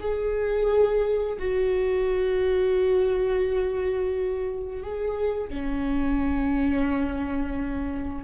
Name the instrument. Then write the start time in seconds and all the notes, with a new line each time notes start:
viola
0.00 G#4
1.39 F#4
4.83 G#4
5.49 C#4